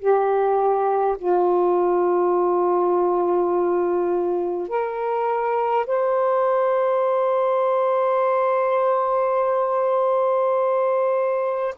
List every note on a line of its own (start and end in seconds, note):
0.00 1.18 G4
1.18 4.69 F4
4.69 5.87 A#4
5.87 11.75 C5